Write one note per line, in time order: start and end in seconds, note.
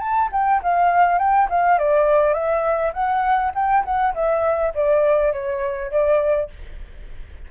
0.00 0.29 A5
0.32 0.61 G5
0.63 1.19 F5
1.19 1.48 G5
1.50 1.78 F5
1.78 2.34 D5
2.34 2.93 E5
2.93 3.52 F#5
3.55 3.84 G5
3.85 4.14 F#5
4.15 4.74 E5
4.75 5.33 D5
5.33 5.91 C#5
5.91 6.50 D5